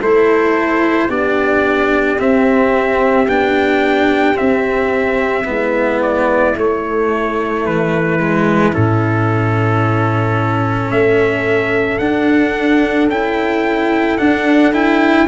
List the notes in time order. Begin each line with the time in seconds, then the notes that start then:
0.00 A3 E4 A4 C5
1.09 B3 D4 G4 D5
2.18 C4 E5
3.28 B3 D4 G5
4.35 C4 E5
4.41 C4
5.45 G#3 B3 E4
6.02 D5
6.57 A3 C#5
7.65 E3 B4
8.19 G#3
8.72 A2 C#4 A4
10.91 A3 A4 E5
11.99 D4 F#5
13.08 C#4 E4 G5
14.18 D4 F#5
14.73 E4 G5